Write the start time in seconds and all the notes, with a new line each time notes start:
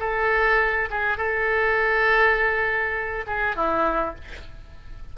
0.00 A4
0.90 G#4
1.18 A4
3.27 G#4
3.56 E4